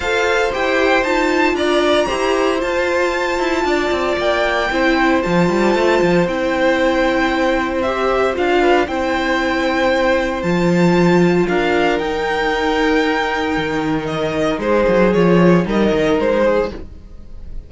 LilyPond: <<
  \new Staff \with { instrumentName = "violin" } { \time 4/4 \tempo 4 = 115 f''4 g''4 a''4 ais''4~ | ais''4 a''2. | g''2 a''2 | g''2. e''4 |
f''4 g''2. | a''2 f''4 g''4~ | g''2. dis''4 | c''4 cis''4 dis''4 c''4 | }
  \new Staff \with { instrumentName = "violin" } { \time 4/4 c''2. d''4 | c''2. d''4~ | d''4 c''2.~ | c''1~ |
c''8 b'8 c''2.~ | c''2 ais'2~ | ais'1 | gis'2 ais'4. gis'8 | }
  \new Staff \with { instrumentName = "viola" } { \time 4/4 a'4 g'4 f'2 | g'4 f'2.~ | f'4 e'4 f'2 | e'2. g'4 |
f'4 e'2. | f'2. dis'4~ | dis'1~ | dis'4 f'4 dis'2 | }
  \new Staff \with { instrumentName = "cello" } { \time 4/4 f'4 e'4 dis'4 d'4 | e'4 f'4. e'8 d'8 c'8 | ais4 c'4 f8 g8 a8 f8 | c'1 |
d'4 c'2. | f2 d'4 dis'4~ | dis'2 dis2 | gis8 fis8 f4 g8 dis8 gis4 | }
>>